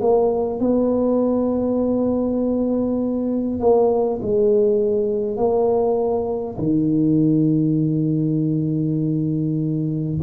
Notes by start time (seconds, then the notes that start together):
0.00 A#3
0.59 B3
3.59 A#3
4.22 G#3
5.36 A#3
6.58 D#3